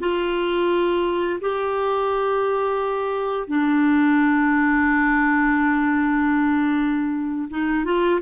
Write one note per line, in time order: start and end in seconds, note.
0.00 1.40 F4
1.40 3.48 G4
3.48 7.49 D4
7.50 7.85 D#4
7.85 8.20 F4